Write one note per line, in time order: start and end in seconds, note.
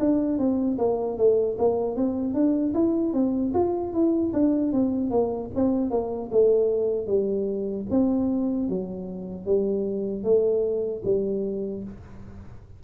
0.00 0.39 D4
0.39 0.78 C4
0.78 1.18 A#3
1.18 1.58 A3
1.59 1.96 A#3
1.96 2.34 C4
2.34 2.74 D4
2.75 3.14 E4
3.14 3.53 C4
3.55 3.94 F4
3.94 4.33 E4
4.33 4.73 D4
4.73 5.11 C4
5.11 5.50 A#3
5.56 5.91 C4
5.91 6.31 A#3
6.32 7.07 A3
7.07 7.86 G3
7.91 8.69 C4
8.69 9.46 F#3
9.46 10.24 G3
10.24 11.03 A3
11.05 11.84 G3